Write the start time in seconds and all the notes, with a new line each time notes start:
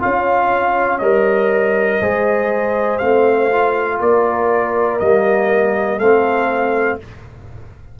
0.00 C#4 F4 C#5 F5
0.99 G3 A#4 D#5
2.00 G#3 G#4 C5
2.98 A3 C4 F5
3.52 F4
4.00 A#3 A#4 D5
5.00 G3 A#3 D#5
5.97 A3 C4 A4 F5